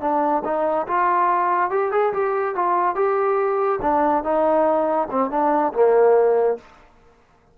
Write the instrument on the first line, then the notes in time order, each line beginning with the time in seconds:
trombone
0.00 D4
0.44 D#4
0.87 F4
1.70 G4
1.91 G#4
2.13 G4
2.55 F4
2.95 G4
3.81 D4
4.23 D#4
5.10 C4
5.30 D4
5.73 A#3